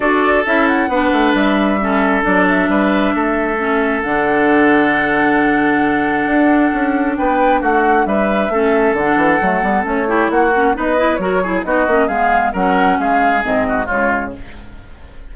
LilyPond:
<<
  \new Staff \with { instrumentName = "flute" } { \time 4/4 \tempo 4 = 134 d''4 e''8 fis''4. e''4~ | e''4 d''8 e''2~ e''8~ | e''4 fis''2.~ | fis''1 |
g''4 fis''4 e''2 | fis''2 cis''4 fis''4 | dis''4 cis''4 dis''4 f''4 | fis''4 f''4 dis''4 cis''4 | }
  \new Staff \with { instrumentName = "oboe" } { \time 4/4 a'2 b'2 | a'2 b'4 a'4~ | a'1~ | a'1 |
b'4 fis'4 b'4 a'4~ | a'2~ a'8 g'8 fis'4 | b'4 ais'8 gis'8 fis'4 gis'4 | ais'4 gis'4. fis'8 f'4 | }
  \new Staff \with { instrumentName = "clarinet" } { \time 4/4 fis'4 e'4 d'2 | cis'4 d'2. | cis'4 d'2.~ | d'1~ |
d'2. cis'4 | d'4 a8 b8 cis'8 e'4 cis'8 | dis'8 e'8 fis'8 e'8 dis'8 cis'8 b4 | cis'2 c'4 gis4 | }
  \new Staff \with { instrumentName = "bassoon" } { \time 4/4 d'4 cis'4 b8 a8 g4~ | g4 fis4 g4 a4~ | a4 d2.~ | d2 d'4 cis'4 |
b4 a4 g4 a4 | d8 e8 fis8 g8 a4 ais4 | b4 fis4 b8 ais8 gis4 | fis4 gis4 gis,4 cis4 | }
>>